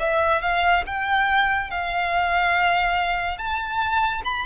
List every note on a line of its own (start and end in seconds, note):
0.00 0.42 E5
0.42 0.84 F5
0.87 1.71 G5
1.71 3.38 F5
3.38 4.23 A5
4.25 4.46 B5